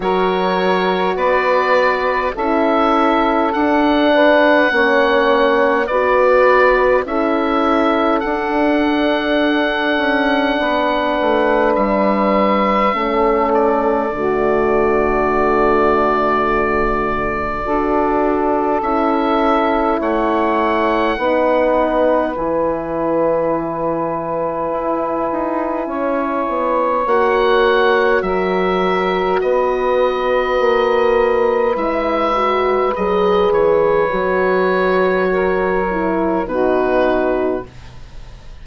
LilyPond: <<
  \new Staff \with { instrumentName = "oboe" } { \time 4/4 \tempo 4 = 51 cis''4 d''4 e''4 fis''4~ | fis''4 d''4 e''4 fis''4~ | fis''2 e''4. d''8~ | d''1 |
e''4 fis''2 gis''4~ | gis''2. fis''4 | e''4 dis''2 e''4 | dis''8 cis''2~ cis''8 b'4 | }
  \new Staff \with { instrumentName = "saxophone" } { \time 4/4 ais'4 b'4 a'4. b'8 | cis''4 b'4 a'2~ | a'4 b'2 a'4 | fis'2. a'4~ |
a'4 cis''4 b'2~ | b'2 cis''2 | ais'4 b'2.~ | b'2 ais'4 fis'4 | }
  \new Staff \with { instrumentName = "horn" } { \time 4/4 fis'2 e'4 d'4 | cis'4 fis'4 e'4 d'4~ | d'2. cis'4 | a2. fis'4 |
e'2 dis'4 e'4~ | e'2. fis'4~ | fis'2. e'8 fis'8 | gis'4 fis'4. e'8 dis'4 | }
  \new Staff \with { instrumentName = "bassoon" } { \time 4/4 fis4 b4 cis'4 d'4 | ais4 b4 cis'4 d'4~ | d'8 cis'8 b8 a8 g4 a4 | d2. d'4 |
cis'4 a4 b4 e4~ | e4 e'8 dis'8 cis'8 b8 ais4 | fis4 b4 ais4 gis4 | fis8 e8 fis2 b,4 | }
>>